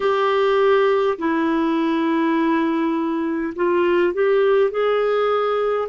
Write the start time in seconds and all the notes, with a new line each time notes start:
0.00 G4
1.18 E4
3.55 F4
4.13 G4
4.71 G#4